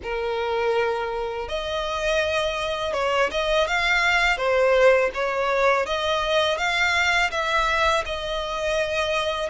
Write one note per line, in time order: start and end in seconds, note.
0.02 1.48 A#4
1.48 2.93 D#5
2.93 3.30 C#5
3.31 3.67 D#5
3.67 4.37 F5
4.37 5.10 C5
5.14 5.86 C#5
5.86 6.57 D#5
6.57 7.30 F5
7.30 8.04 E5
8.05 9.49 D#5